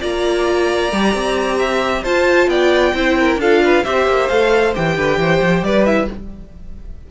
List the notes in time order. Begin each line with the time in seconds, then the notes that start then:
0.00 A#3 F4 D5 A#5
0.92 G3 G4
1.14 C4
1.59 E5
2.03 F4 C5 A5
2.48 B3 D5 G5
2.94 C4 E4 C5
3.20 A#4
3.36 D4 F4 A4 F5
3.64 B4
3.84 C4 G4 C5 E5
4.07 A#3
4.28 A3 A4 F5
4.74 E3 G4 G5
4.97 D3 B4
5.18 E3 C5
5.42 F3
5.62 G3 B4 D5
5.85 E4 E5